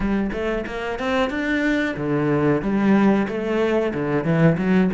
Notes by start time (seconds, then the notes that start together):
0.00 G3
0.32 A3
0.66 A#3
0.99 C4
1.30 D4
1.96 D3
2.61 G3
3.28 A3
3.93 D3
4.24 E3
4.57 F#3